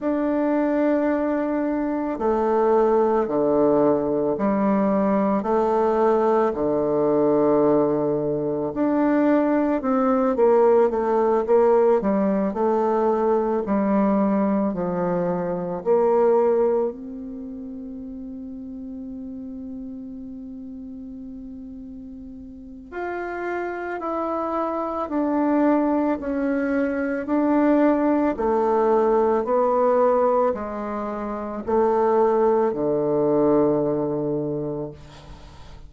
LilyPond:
\new Staff \with { instrumentName = "bassoon" } { \time 4/4 \tempo 4 = 55 d'2 a4 d4 | g4 a4 d2 | d'4 c'8 ais8 a8 ais8 g8 a8~ | a8 g4 f4 ais4 c'8~ |
c'1~ | c'4 f'4 e'4 d'4 | cis'4 d'4 a4 b4 | gis4 a4 d2 | }